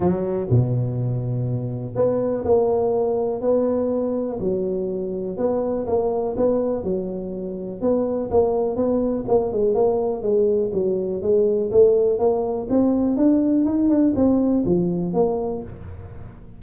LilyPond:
\new Staff \with { instrumentName = "tuba" } { \time 4/4 \tempo 4 = 123 fis4 b,2. | b4 ais2 b4~ | b4 fis2 b4 | ais4 b4 fis2 |
b4 ais4 b4 ais8 gis8 | ais4 gis4 fis4 gis4 | a4 ais4 c'4 d'4 | dis'8 d'8 c'4 f4 ais4 | }